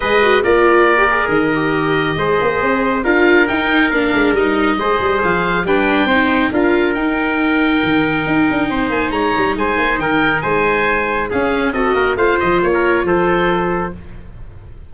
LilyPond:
<<
  \new Staff \with { instrumentName = "oboe" } { \time 4/4 \tempo 4 = 138 dis''4 d''2 dis''4~ | dis''2. f''4 | g''4 f''4 dis''2 | f''4 g''2 f''4 |
g''1~ | g''8 gis''8 ais''4 gis''4 g''4 | gis''2 f''4 dis''4 | f''8 dis''8 cis''4 c''2 | }
  \new Staff \with { instrumentName = "trumpet" } { \time 4/4 b'4 ais'2.~ | ais'4 c''2 ais'4~ | ais'2. c''4~ | c''4 b'4 c''4 ais'4~ |
ais'1 | c''4 cis''4 c''4 ais'4 | c''2 gis'4 a'8 ais'8 | c''4~ c''16 ais'8. a'2 | }
  \new Staff \with { instrumentName = "viola" } { \time 4/4 gis'8 fis'8 f'4~ f'16 g'16 gis'4 g'8~ | g'4 gis'2 f'4 | dis'4 d'4 dis'4 gis'4~ | gis'4 d'4 dis'4 f'4 |
dis'1~ | dis'1~ | dis'2 cis'4 fis'4 | f'1 | }
  \new Staff \with { instrumentName = "tuba" } { \time 4/4 gis4 ais2 dis4~ | dis4 gis8 ais8 c'4 d'4 | dis'4 ais8 gis8 g4 gis8 g8 | f4 g4 c'4 d'4 |
dis'2 dis4 dis'8 d'8 | c'8 ais8 gis8 g8 gis8 ais8 dis4 | gis2 cis'4 c'8 ais8 | a8 f8 ais4 f2 | }
>>